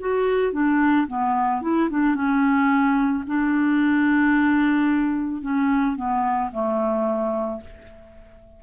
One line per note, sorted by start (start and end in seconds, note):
0.00 0.53 F#4
0.53 1.07 D4
1.08 1.62 B3
1.62 1.89 E4
1.90 2.15 D4
2.15 3.24 C#4
3.27 5.42 D4
5.42 5.97 C#4
5.97 6.51 B3
6.52 7.61 A3